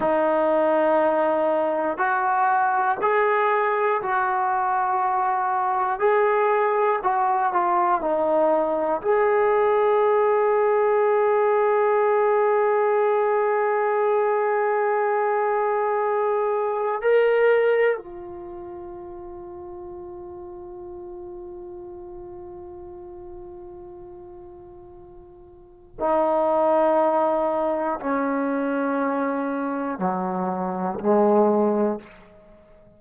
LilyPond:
\new Staff \with { instrumentName = "trombone" } { \time 4/4 \tempo 4 = 60 dis'2 fis'4 gis'4 | fis'2 gis'4 fis'8 f'8 | dis'4 gis'2.~ | gis'1~ |
gis'4 ais'4 f'2~ | f'1~ | f'2 dis'2 | cis'2 fis4 gis4 | }